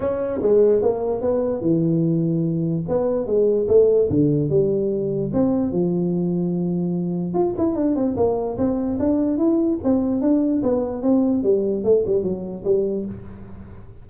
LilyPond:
\new Staff \with { instrumentName = "tuba" } { \time 4/4 \tempo 4 = 147 cis'4 gis4 ais4 b4 | e2. b4 | gis4 a4 d4 g4~ | g4 c'4 f2~ |
f2 f'8 e'8 d'8 c'8 | ais4 c'4 d'4 e'4 | c'4 d'4 b4 c'4 | g4 a8 g8 fis4 g4 | }